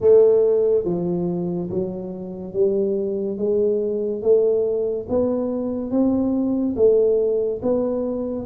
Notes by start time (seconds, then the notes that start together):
0.00 A3
0.85 F3
1.70 F#3
2.53 G3
3.37 G#3
4.21 A3
5.08 B3
5.90 C4
6.76 A3
7.62 B3